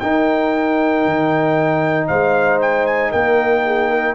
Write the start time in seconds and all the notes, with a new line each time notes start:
0.00 D#4 A#4 G5
1.05 D#3
2.08 G#3 C5 F5
2.61 G5
2.86 G#5
3.11 A#3 A#4 G5
3.66 G#4
3.89 A#4